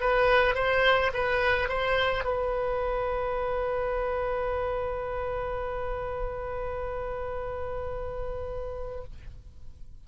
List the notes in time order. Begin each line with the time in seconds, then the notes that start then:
0.00 B4
0.55 C5
1.13 B4
1.69 C5
2.24 B4